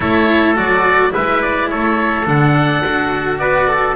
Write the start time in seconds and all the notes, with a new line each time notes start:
0.00 A3 E4 A4 C#5
0.54 F#3 F#4 D5
1.09 E4 B4 E5
1.15 G#3
1.42 D5
1.69 A3 A4 C#5
2.25 D3 D4 F#5
2.82 D4 F#4
3.38 B3 B4 D5
3.68 A4